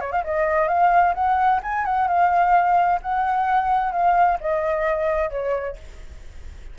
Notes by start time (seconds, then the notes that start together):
0.00 C#5
0.12 F5
0.23 D#5
0.67 F5
1.14 F#5
1.62 G#5
1.85 F#5
2.07 F5
3.01 F#5
3.91 F5
4.40 D#5
5.30 C#5